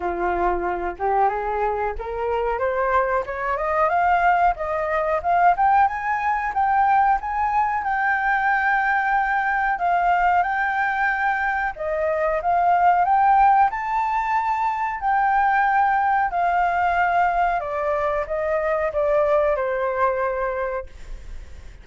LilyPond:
\new Staff \with { instrumentName = "flute" } { \time 4/4 \tempo 4 = 92 f'4. g'8 gis'4 ais'4 | c''4 cis''8 dis''8 f''4 dis''4 | f''8 g''8 gis''4 g''4 gis''4 | g''2. f''4 |
g''2 dis''4 f''4 | g''4 a''2 g''4~ | g''4 f''2 d''4 | dis''4 d''4 c''2 | }